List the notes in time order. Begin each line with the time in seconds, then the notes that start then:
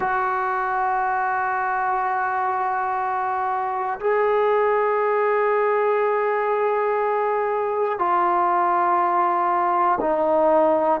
0.00 F#4
4.00 G#4
7.98 F4
10.00 D#4